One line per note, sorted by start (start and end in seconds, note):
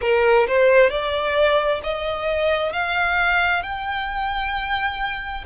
0.01 0.46 A#4
0.47 0.90 C5
0.90 1.81 D5
1.83 2.72 D#5
2.72 3.62 F5
3.62 5.44 G5